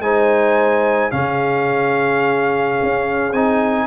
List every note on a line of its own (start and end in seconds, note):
0.00 1.11 G#3
0.00 1.12 D#4
0.00 1.15 C5
0.00 1.12 G#5
1.12 2.79 C#3
1.12 3.34 C#4
1.12 3.87 G#4
1.12 3.33 F5
2.83 3.33 C#4
3.33 3.87 C4
3.33 3.87 D#4
3.33 3.87 G#5